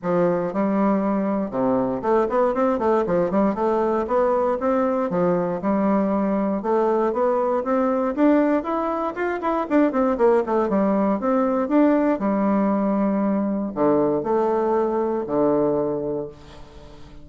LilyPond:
\new Staff \with { instrumentName = "bassoon" } { \time 4/4 \tempo 4 = 118 f4 g2 c4 | a8 b8 c'8 a8 f8 g8 a4 | b4 c'4 f4 g4~ | g4 a4 b4 c'4 |
d'4 e'4 f'8 e'8 d'8 c'8 | ais8 a8 g4 c'4 d'4 | g2. d4 | a2 d2 | }